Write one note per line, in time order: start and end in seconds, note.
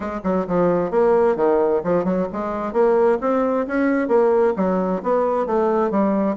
0.00 0.20 G#3
0.23 0.46 F#3
0.47 0.90 F3
0.90 1.36 A#3
1.36 1.81 D#3
1.83 2.04 F3
2.04 2.27 F#3
2.32 2.73 G#3
2.73 3.18 A#3
3.20 3.66 C4
3.67 4.08 C#4
4.08 4.53 A#3
4.56 5.01 F#3
5.02 5.46 B3
5.46 5.90 A3
5.90 6.36 G3